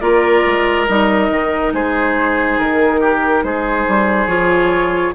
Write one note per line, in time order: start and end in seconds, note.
0.00 0.43 A#3
0.00 0.87 F4
0.00 1.73 A#4
0.00 0.86 D5
0.46 0.88 G#3
0.87 1.30 G3
0.87 4.28 D#4
0.87 1.72 D#5
1.30 1.73 D#3
1.73 2.58 G#3
1.73 3.00 G#4
1.73 2.59 C5
2.59 3.43 D#3
2.59 3.44 A#4
3.00 3.43 G4
3.43 3.86 G#3
3.43 5.15 G#4
3.43 4.27 C5
3.88 4.27 G3
4.27 5.12 F3
4.27 5.14 F4
4.27 5.12 C#5